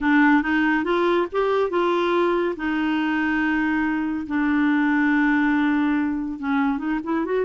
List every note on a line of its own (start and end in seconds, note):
0.00 0.42 D4
0.42 0.84 D#4
0.84 1.26 F4
1.32 1.69 G4
1.69 2.55 F4
2.56 4.26 D#4
4.26 6.39 D4
6.39 6.78 C#4
6.78 6.99 D#4
7.03 7.25 E4
7.25 7.45 F#4